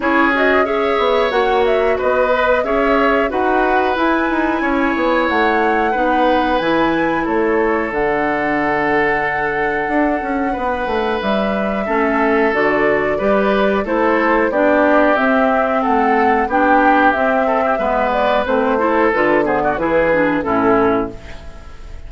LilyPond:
<<
  \new Staff \with { instrumentName = "flute" } { \time 4/4 \tempo 4 = 91 cis''8 dis''8 e''4 fis''8 e''8 dis''4 | e''4 fis''4 gis''2 | fis''2 gis''4 cis''4 | fis''1~ |
fis''4 e''2 d''4~ | d''4 c''4 d''4 e''4 | fis''4 g''4 e''4. d''8 | c''4 b'8 c''16 d''16 b'4 a'4 | }
  \new Staff \with { instrumentName = "oboe" } { \time 4/4 gis'4 cis''2 b'4 | cis''4 b'2 cis''4~ | cis''4 b'2 a'4~ | a'1 |
b'2 a'2 | b'4 a'4 g'2 | a'4 g'4. a'16 g'16 b'4~ | b'8 a'4 gis'16 fis'16 gis'4 e'4 | }
  \new Staff \with { instrumentName = "clarinet" } { \time 4/4 e'8 fis'8 gis'4 fis'4. b'8 | gis'4 fis'4 e'2~ | e'4 dis'4 e'2 | d'1~ |
d'2 cis'4 fis'4 | g'4 e'4 d'4 c'4~ | c'4 d'4 c'4 b4 | c'8 e'8 f'8 b8 e'8 d'8 cis'4 | }
  \new Staff \with { instrumentName = "bassoon" } { \time 4/4 cis'4. b8 ais4 b4 | cis'4 dis'4 e'8 dis'8 cis'8 b8 | a4 b4 e4 a4 | d2. d'8 cis'8 |
b8 a8 g4 a4 d4 | g4 a4 b4 c'4 | a4 b4 c'4 gis4 | a4 d4 e4 a,4 | }
>>